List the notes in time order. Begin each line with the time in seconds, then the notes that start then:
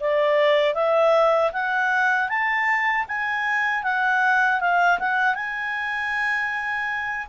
0.00 D5
0.75 E5
1.52 F#5
2.29 A5
3.08 G#5
3.84 F#5
4.60 F5
5.00 F#5
5.35 G#5